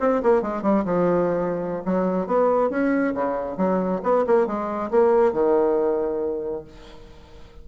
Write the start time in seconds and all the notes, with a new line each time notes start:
0.00 C4
0.23 A#3
0.42 G#3
0.63 G3
0.85 F3
1.85 F#3
2.27 B3
2.70 C#4
3.15 C#3
3.57 F#3
4.03 B3
4.27 A#3
4.47 G#3
4.91 A#3
5.33 D#3